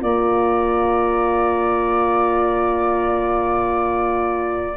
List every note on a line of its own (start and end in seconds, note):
0.00 4.77 A#3
0.00 4.77 F4
0.00 4.77 D5
0.00 4.77 A#5